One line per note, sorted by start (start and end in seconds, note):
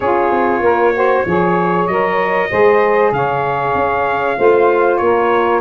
0.00 0.30 C#4
0.00 0.93 F4
0.00 0.61 G#4
0.00 1.87 C#5
0.30 0.59 C4
0.59 1.22 A#3
0.59 0.94 A#4
0.93 1.24 F#4
0.93 1.27 C5
1.26 1.87 F3
1.26 1.89 G#4
1.26 2.49 C#5
1.87 2.49 F#3
1.87 2.50 A#4
1.87 3.12 D#5
2.49 3.12 G#3
2.49 4.36 G#4
2.49 3.12 C5
3.12 3.74 C#3
3.12 4.37 C#5
3.12 4.97 F5
3.74 4.37 C#4
4.36 4.99 A3
4.36 5.61 F4
4.36 5.00 C5
4.97 5.61 A#3
4.97 5.61 A#4
4.97 5.59 C#5